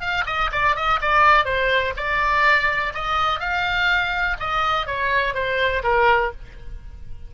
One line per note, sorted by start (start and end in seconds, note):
0.00 0.24 F5
0.26 0.50 D#5
0.52 0.75 D5
0.75 1.00 D#5
1.01 1.45 D5
1.45 1.93 C5
1.97 2.93 D5
2.94 3.40 D#5
3.40 4.37 F5
4.40 4.87 D#5
4.87 5.34 C#5
5.34 5.83 C5
5.83 6.32 A#4